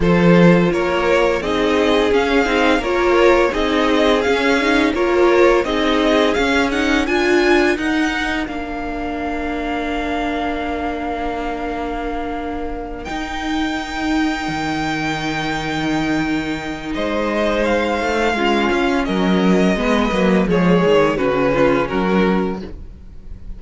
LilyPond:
<<
  \new Staff \with { instrumentName = "violin" } { \time 4/4 \tempo 4 = 85 c''4 cis''4 dis''4 f''4 | cis''4 dis''4 f''4 cis''4 | dis''4 f''8 fis''8 gis''4 fis''4 | f''1~ |
f''2~ f''8 g''4.~ | g''1 | dis''4 f''2 dis''4~ | dis''4 cis''4 b'4 ais'4 | }
  \new Staff \with { instrumentName = "violin" } { \time 4/4 a'4 ais'4 gis'2 | ais'4 gis'2 ais'4 | gis'2 ais'2~ | ais'1~ |
ais'1~ | ais'1 | c''2 f'4 ais'4 | b'4 gis'4 fis'8 f'8 fis'4 | }
  \new Staff \with { instrumentName = "viola" } { \time 4/4 f'2 dis'4 cis'8 dis'8 | f'4 dis'4 cis'8 dis'8 f'4 | dis'4 cis'8 dis'8 f'4 dis'4 | d'1~ |
d'2~ d'8 dis'4.~ | dis'1~ | dis'2 cis'2 | b8 ais8 gis4 cis'2 | }
  \new Staff \with { instrumentName = "cello" } { \time 4/4 f4 ais4 c'4 cis'8 c'8 | ais4 c'4 cis'4 ais4 | c'4 cis'4 d'4 dis'4 | ais1~ |
ais2~ ais8 dis'4.~ | dis'8 dis2.~ dis8 | gis4. a8 gis8 cis'8 fis4 | gis8 fis8 f8 dis8 cis4 fis4 | }
>>